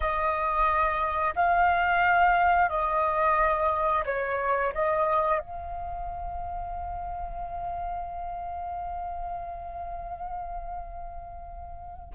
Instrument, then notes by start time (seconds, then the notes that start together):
flute
0.00 D#5
1.35 F5
2.69 D#5
4.05 C#5
4.74 D#5
5.38 F5